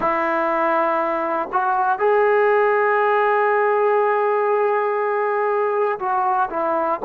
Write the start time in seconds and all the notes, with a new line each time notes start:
0.00 E4
1.52 F#4
1.99 G#4
5.99 F#4
6.50 E4